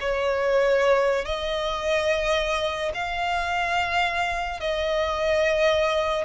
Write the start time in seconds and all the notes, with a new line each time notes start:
0.00 C#5
1.25 D#5
2.94 F5
4.60 D#5